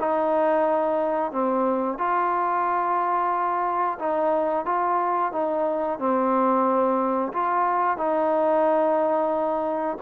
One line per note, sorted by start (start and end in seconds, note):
0.00 1.32 D#4
1.32 1.98 C4
1.98 3.98 F4
3.99 4.66 D#4
4.66 5.32 F4
5.33 5.99 D#4
5.99 7.32 C4
7.33 7.98 F4
7.98 9.98 D#4